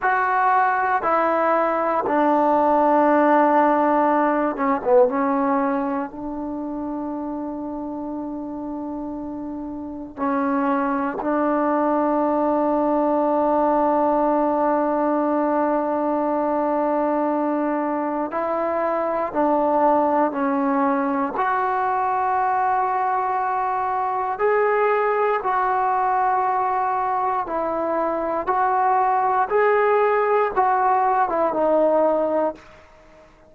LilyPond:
\new Staff \with { instrumentName = "trombone" } { \time 4/4 \tempo 4 = 59 fis'4 e'4 d'2~ | d'8 cis'16 b16 cis'4 d'2~ | d'2 cis'4 d'4~ | d'1~ |
d'2 e'4 d'4 | cis'4 fis'2. | gis'4 fis'2 e'4 | fis'4 gis'4 fis'8. e'16 dis'4 | }